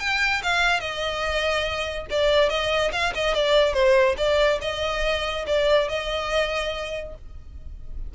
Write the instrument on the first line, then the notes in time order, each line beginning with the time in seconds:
violin
0.00 G5
0.43 F5
0.81 D#5
2.10 D5
2.50 D#5
2.92 F5
3.15 D#5
3.35 D5
3.74 C5
4.18 D5
4.62 D#5
5.47 D5
5.89 D#5